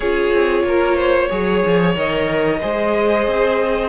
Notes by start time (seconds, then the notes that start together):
0.00 C#4 F4 G#4 C#5
0.32 C4
0.63 A#3 A#4
0.96 C5
1.28 F#3 G#4 C#5
1.65 F3
1.95 D#3 A#4 D#5
2.60 G#3 G#4 C5
3.27 C4